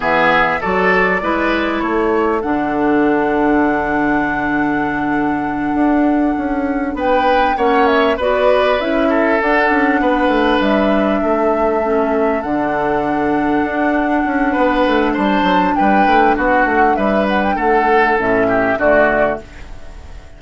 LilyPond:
<<
  \new Staff \with { instrumentName = "flute" } { \time 4/4 \tempo 4 = 99 e''4 d''2 cis''4 | fis''1~ | fis''2.~ fis''8 g''8~ | g''8 fis''8 e''8 d''4 e''4 fis''8~ |
fis''4. e''2~ e''8~ | e''8 fis''2.~ fis''8~ | fis''4 a''4 g''4 fis''4 | e''8 fis''16 g''16 fis''4 e''4 d''4 | }
  \new Staff \with { instrumentName = "oboe" } { \time 4/4 gis'4 a'4 b'4 a'4~ | a'1~ | a'2.~ a'8 b'8~ | b'8 cis''4 b'4. a'4~ |
a'8 b'2 a'4.~ | a'1 | b'4 c''4 b'4 fis'4 | b'4 a'4. g'8 fis'4 | }
  \new Staff \with { instrumentName = "clarinet" } { \time 4/4 b4 fis'4 e'2 | d'1~ | d'1~ | d'8 cis'4 fis'4 e'4 d'8~ |
d'2.~ d'8 cis'8~ | cis'8 d'2.~ d'8~ | d'1~ | d'2 cis'4 a4 | }
  \new Staff \with { instrumentName = "bassoon" } { \time 4/4 e4 fis4 gis4 a4 | d1~ | d4. d'4 cis'4 b8~ | b8 ais4 b4 cis'4 d'8 |
cis'8 b8 a8 g4 a4.~ | a8 d2 d'4 cis'8 | b8 a8 g8 fis8 g8 a8 b8 a8 | g4 a4 a,4 d4 | }
>>